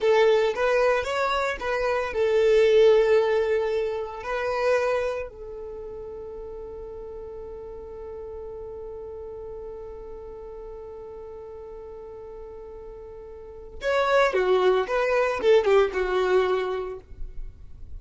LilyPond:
\new Staff \with { instrumentName = "violin" } { \time 4/4 \tempo 4 = 113 a'4 b'4 cis''4 b'4 | a'1 | b'2 a'2~ | a'1~ |
a'1~ | a'1~ | a'2 cis''4 fis'4 | b'4 a'8 g'8 fis'2 | }